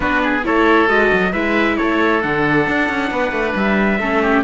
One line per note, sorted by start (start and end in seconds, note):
0.00 0.44 B3
0.00 0.42 D4
0.00 0.21 F#4
0.00 0.44 B4
0.23 0.45 G#4
0.43 0.89 A3
0.43 0.87 E4
0.43 1.32 A4
0.43 0.88 C#5
0.87 1.11 G#3
0.87 1.32 F#4
0.87 1.32 D#5
1.12 1.33 F#3
1.32 1.77 G#3
1.32 2.22 E4
1.32 1.76 B4
1.32 1.76 E5
1.76 2.24 A3
1.76 3.11 A4
1.76 2.21 C#5
2.21 2.67 D3
2.21 4.00 D4
2.21 3.55 F#5
2.67 2.89 D4
2.89 3.10 C#4
3.10 3.31 B3
3.10 4.00 B4
3.31 3.53 A3
3.55 3.99 G3
3.55 4.43 E5
3.99 4.43 A3
3.99 4.43 C#4
3.99 4.22 A4
4.22 4.43 G4